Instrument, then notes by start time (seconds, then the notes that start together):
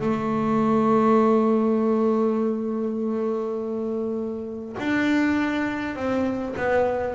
double bass
0.00 A3
4.79 D4
5.95 C4
6.56 B3